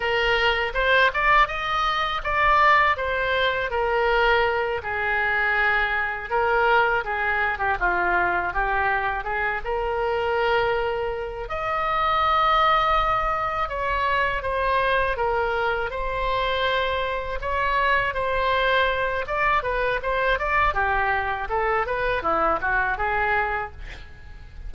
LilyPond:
\new Staff \with { instrumentName = "oboe" } { \time 4/4 \tempo 4 = 81 ais'4 c''8 d''8 dis''4 d''4 | c''4 ais'4. gis'4.~ | gis'8 ais'4 gis'8. g'16 f'4 g'8~ | g'8 gis'8 ais'2~ ais'8 dis''8~ |
dis''2~ dis''8 cis''4 c''8~ | c''8 ais'4 c''2 cis''8~ | cis''8 c''4. d''8 b'8 c''8 d''8 | g'4 a'8 b'8 e'8 fis'8 gis'4 | }